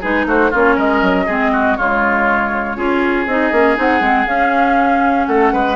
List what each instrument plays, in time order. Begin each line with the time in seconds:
0.00 bassoon G#3, clarinet D#4, oboe G#4, flute B4
0.25 bassoon A3, oboe F#4, flute C5
0.50 bassoon A#3, clarinet C#4, oboe F4, flute C#5
0.75 bassoon G#3, oboe A#4, flute D#5
1.02 bassoon F#3
1.26 bassoon G#3, clarinet C4, oboe G#4
1.52 oboe F#4
1.76 bassoon C#3, clarinet G#3, oboe F4, flute C#5
2.76 bassoon C#4, clarinet F4, oboe G#4
3.26 bassoon C4, clarinet D#4, flute D#5
3.51 bassoon A#3, clarinet C#4
3.75 bassoon C4, clarinet D#4, flute F#5
4.00 bassoon G#3, clarinet C4
4.26 clarinet C#4, bassoon C#4, flute F5
5.26 bassoon A3, oboe A4, flute F#5
5.52 bassoon G#3, oboe B4